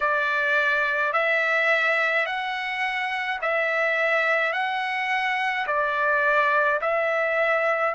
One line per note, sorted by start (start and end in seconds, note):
0.00 1.13 D5
1.13 2.26 E5
2.26 3.39 F#5
3.41 4.53 E5
4.53 5.66 F#5
5.66 6.79 D5
6.81 7.94 E5